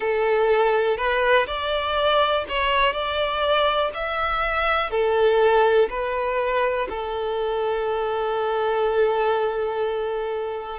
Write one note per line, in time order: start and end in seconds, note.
0.00 0.97 A4
0.97 1.46 B4
1.47 2.45 D5
2.49 2.92 C#5
2.92 3.91 D5
3.93 4.90 E5
4.90 5.88 A4
5.89 6.88 B4
6.89 10.79 A4